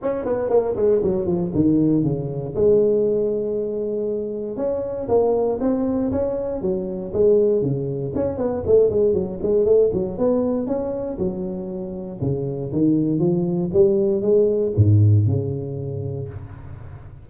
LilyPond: \new Staff \with { instrumentName = "tuba" } { \time 4/4 \tempo 4 = 118 cis'8 b8 ais8 gis8 fis8 f8 dis4 | cis4 gis2.~ | gis4 cis'4 ais4 c'4 | cis'4 fis4 gis4 cis4 |
cis'8 b8 a8 gis8 fis8 gis8 a8 fis8 | b4 cis'4 fis2 | cis4 dis4 f4 g4 | gis4 gis,4 cis2 | }